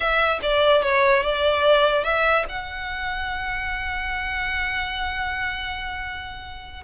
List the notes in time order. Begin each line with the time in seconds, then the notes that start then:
0.00 E5
0.42 D5
0.82 C#5
1.23 D5
2.04 E5
2.48 F#5